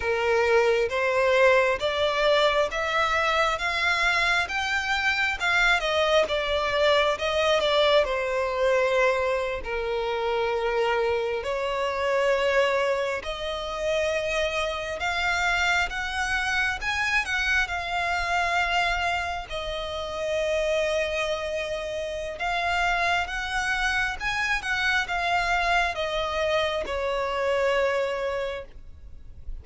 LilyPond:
\new Staff \with { instrumentName = "violin" } { \time 4/4 \tempo 4 = 67 ais'4 c''4 d''4 e''4 | f''4 g''4 f''8 dis''8 d''4 | dis''8 d''8 c''4.~ c''16 ais'4~ ais'16~ | ais'8. cis''2 dis''4~ dis''16~ |
dis''8. f''4 fis''4 gis''8 fis''8 f''16~ | f''4.~ f''16 dis''2~ dis''16~ | dis''4 f''4 fis''4 gis''8 fis''8 | f''4 dis''4 cis''2 | }